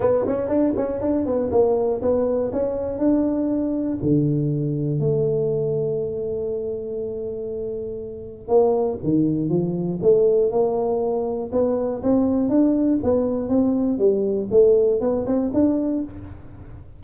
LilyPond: \new Staff \with { instrumentName = "tuba" } { \time 4/4 \tempo 4 = 120 b8 cis'8 d'8 cis'8 d'8 b8 ais4 | b4 cis'4 d'2 | d2 a2~ | a1~ |
a4 ais4 dis4 f4 | a4 ais2 b4 | c'4 d'4 b4 c'4 | g4 a4 b8 c'8 d'4 | }